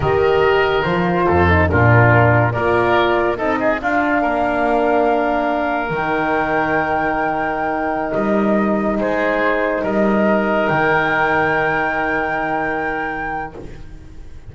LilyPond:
<<
  \new Staff \with { instrumentName = "flute" } { \time 4/4 \tempo 4 = 142 dis''2 c''2 | ais'2 d''2 | dis''4 f''2.~ | f''2 g''2~ |
g''2.~ g''16 dis''8.~ | dis''4~ dis''16 c''2 dis''8.~ | dis''4~ dis''16 g''2~ g''8.~ | g''1 | }
  \new Staff \with { instrumentName = "oboe" } { \time 4/4 ais'2. a'4 | f'2 ais'2 | a'8 gis'8 f'4 ais'2~ | ais'1~ |
ais'1~ | ais'4~ ais'16 gis'2 ais'8.~ | ais'1~ | ais'1 | }
  \new Staff \with { instrumentName = "horn" } { \time 4/4 g'2 f'4. dis'8 | d'2 f'2 | dis'4 d'2.~ | d'2 dis'2~ |
dis'1~ | dis'1~ | dis'1~ | dis'1 | }
  \new Staff \with { instrumentName = "double bass" } { \time 4/4 dis2 f4 f,4 | ais,2 ais2 | c'4 d'4 ais2~ | ais2 dis2~ |
dis2.~ dis16 g8.~ | g4~ g16 gis2 g8.~ | g4~ g16 dis2~ dis8.~ | dis1 | }
>>